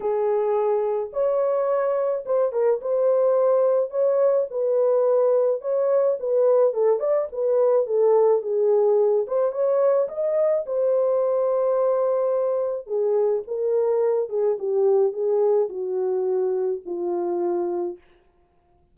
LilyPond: \new Staff \with { instrumentName = "horn" } { \time 4/4 \tempo 4 = 107 gis'2 cis''2 | c''8 ais'8 c''2 cis''4 | b'2 cis''4 b'4 | a'8 d''8 b'4 a'4 gis'4~ |
gis'8 c''8 cis''4 dis''4 c''4~ | c''2. gis'4 | ais'4. gis'8 g'4 gis'4 | fis'2 f'2 | }